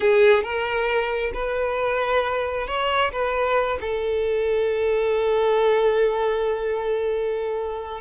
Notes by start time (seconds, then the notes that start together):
0.00 G#4
0.43 A#4
1.33 B4
2.67 C#5
3.12 B4
3.81 A4